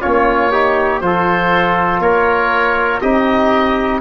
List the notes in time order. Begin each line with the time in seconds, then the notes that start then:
0.00 A#3 C#4 F4 C#5
0.51 D#4 G4
1.00 F3 F4 A4 C5
1.99 A#3 A#4 C#5
3.00 C4 D#4 G4 D#5